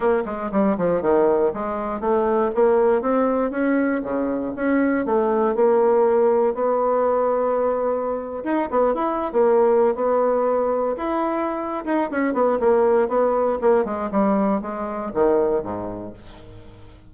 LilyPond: \new Staff \with { instrumentName = "bassoon" } { \time 4/4 \tempo 4 = 119 ais8 gis8 g8 f8 dis4 gis4 | a4 ais4 c'4 cis'4 | cis4 cis'4 a4 ais4~ | ais4 b2.~ |
b8. dis'8 b8 e'8. ais4~ ais16 b16~ | b4.~ b16 e'4.~ e'16 dis'8 | cis'8 b8 ais4 b4 ais8 gis8 | g4 gis4 dis4 gis,4 | }